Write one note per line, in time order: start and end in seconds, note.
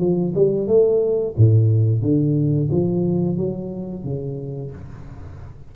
0.00 0.34 F3
0.35 0.68 G3
0.68 1.35 A3
1.38 2.02 A2
2.02 2.70 D3
2.72 3.38 F3
3.38 4.04 F#3
4.04 4.72 C#3